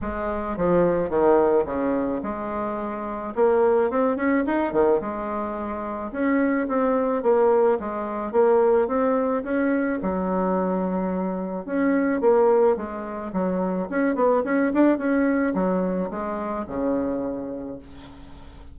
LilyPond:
\new Staff \with { instrumentName = "bassoon" } { \time 4/4 \tempo 4 = 108 gis4 f4 dis4 cis4 | gis2 ais4 c'8 cis'8 | dis'8 dis8 gis2 cis'4 | c'4 ais4 gis4 ais4 |
c'4 cis'4 fis2~ | fis4 cis'4 ais4 gis4 | fis4 cis'8 b8 cis'8 d'8 cis'4 | fis4 gis4 cis2 | }